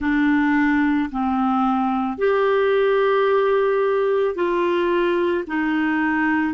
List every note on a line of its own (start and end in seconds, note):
0.00 1.10 D4
1.11 2.18 C4
2.18 4.35 G4
4.35 5.44 F4
5.47 6.54 D#4